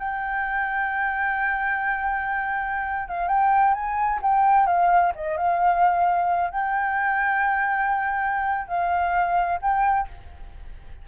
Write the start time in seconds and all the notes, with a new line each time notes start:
0.00 G5
3.09 F5
3.29 G5
3.75 G#5
4.23 G5
4.67 F5
5.16 D#5
5.38 F5
6.51 G5
8.68 F5
9.62 G5